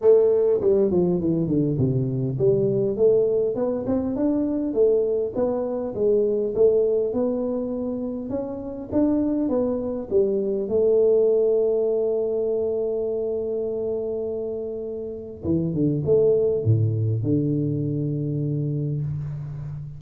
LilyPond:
\new Staff \with { instrumentName = "tuba" } { \time 4/4 \tempo 4 = 101 a4 g8 f8 e8 d8 c4 | g4 a4 b8 c'8 d'4 | a4 b4 gis4 a4 | b2 cis'4 d'4 |
b4 g4 a2~ | a1~ | a2 e8 d8 a4 | a,4 d2. | }